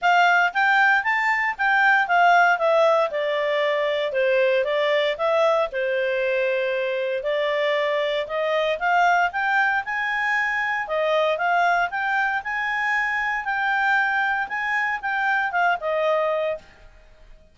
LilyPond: \new Staff \with { instrumentName = "clarinet" } { \time 4/4 \tempo 4 = 116 f''4 g''4 a''4 g''4 | f''4 e''4 d''2 | c''4 d''4 e''4 c''4~ | c''2 d''2 |
dis''4 f''4 g''4 gis''4~ | gis''4 dis''4 f''4 g''4 | gis''2 g''2 | gis''4 g''4 f''8 dis''4. | }